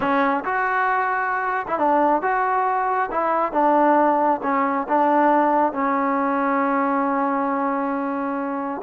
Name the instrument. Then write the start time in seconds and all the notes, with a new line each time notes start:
trombone
0.00 C#4
0.45 F#4
1.67 E4
1.78 D4
2.22 F#4
3.11 E4
3.52 D4
4.43 C#4
4.88 D4
5.72 C#4